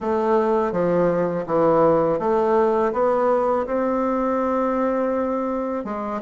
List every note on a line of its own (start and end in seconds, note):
0.00 0.72 A3
0.72 1.45 F3
1.46 2.19 E3
2.19 2.92 A3
2.92 3.66 B3
3.66 5.84 C4
5.84 6.21 G#3